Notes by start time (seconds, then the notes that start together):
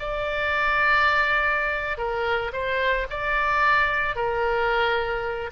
0.00 D5
1.98 A#4
2.53 C5
3.11 D5
4.16 A#4